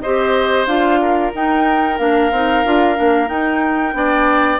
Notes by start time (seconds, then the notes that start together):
0.00 C4 G4 C5 D#5
0.66 D4 F4 F5
1.01 A#4
1.34 D#4 G5
1.98 A#3 D4 F5
2.31 C4 D#4
2.64 D4 F4
2.95 A#3 D4
3.26 D#4 G5
3.93 B3 D4 D5